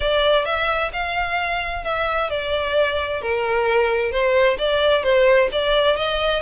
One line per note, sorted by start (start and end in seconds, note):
0.00 0.45 D5
0.45 0.91 E5
0.92 1.84 F5
1.84 2.29 E5
2.29 3.21 D5
3.21 4.11 A#4
4.11 4.57 C5
4.58 5.03 D5
5.03 5.49 C5
5.51 5.96 D5
5.96 6.42 D#5